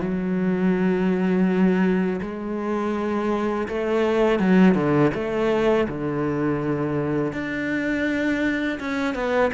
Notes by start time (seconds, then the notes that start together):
0.00 F#3
2.21 G#3
3.68 A3
4.39 F#3
4.74 D3
5.14 A3
5.88 D3
7.32 D4
8.79 C#4
9.14 B3